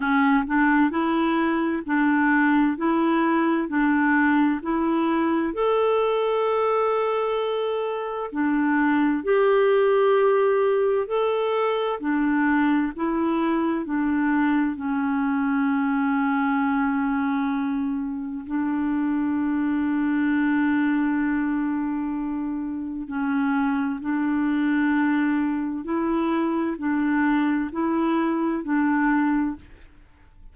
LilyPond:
\new Staff \with { instrumentName = "clarinet" } { \time 4/4 \tempo 4 = 65 cis'8 d'8 e'4 d'4 e'4 | d'4 e'4 a'2~ | a'4 d'4 g'2 | a'4 d'4 e'4 d'4 |
cis'1 | d'1~ | d'4 cis'4 d'2 | e'4 d'4 e'4 d'4 | }